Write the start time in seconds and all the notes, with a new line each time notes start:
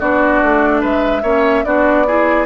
0.00 B3 D4 F#4 D5
0.42 A3
0.81 G#3 B4 E5
1.23 A#3 C#4 C#5
1.65 B3 D4 F#4 D5
2.07 E4 G#4